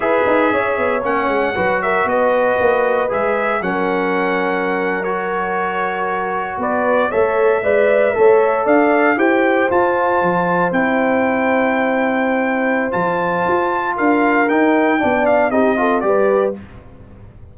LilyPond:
<<
  \new Staff \with { instrumentName = "trumpet" } { \time 4/4 \tempo 4 = 116 e''2 fis''4. e''8 | dis''2 e''4 fis''4~ | fis''4.~ fis''16 cis''2~ cis''16~ | cis''8. d''4 e''2~ e''16~ |
e''8. f''4 g''4 a''4~ a''16~ | a''8. g''2.~ g''16~ | g''4 a''2 f''4 | g''4. f''8 dis''4 d''4 | }
  \new Staff \with { instrumentName = "horn" } { \time 4/4 b'4 cis''2 b'8 ais'8 | b'2. ais'4~ | ais'1~ | ais'8. b'4 cis''4 d''4 cis''16~ |
cis''8. d''4 c''2~ c''16~ | c''1~ | c''2. ais'4~ | ais'4 d''4 g'8 a'8 b'4 | }
  \new Staff \with { instrumentName = "trombone" } { \time 4/4 gis'2 cis'4 fis'4~ | fis'2 gis'4 cis'4~ | cis'4.~ cis'16 fis'2~ fis'16~ | fis'4.~ fis'16 a'4 b'4 a'16~ |
a'4.~ a'16 g'4 f'4~ f'16~ | f'8. e'2.~ e'16~ | e'4 f'2. | dis'4 d'4 dis'8 f'8 g'4 | }
  \new Staff \with { instrumentName = "tuba" } { \time 4/4 e'8 dis'8 cis'8 b8 ais8 gis8 fis4 | b4 ais4 gis4 fis4~ | fis1~ | fis8. b4 a4 gis4 a16~ |
a8. d'4 e'4 f'4 f16~ | f8. c'2.~ c'16~ | c'4 f4 f'4 d'4 | dis'4 b4 c'4 g4 | }
>>